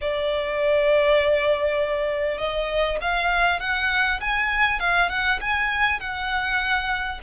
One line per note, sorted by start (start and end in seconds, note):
0.01 2.38 D5
2.38 2.98 D#5
3.01 3.60 F5
3.60 4.20 F#5
4.20 4.79 G#5
4.79 5.09 F5
5.09 5.39 F#5
5.40 6.00 G#5
6.00 7.20 F#5